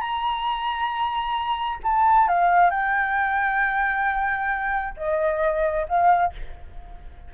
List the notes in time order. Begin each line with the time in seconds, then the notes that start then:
0.00 A#5
1.83 A5
2.28 F5
2.70 G5
4.96 D#5
5.88 F5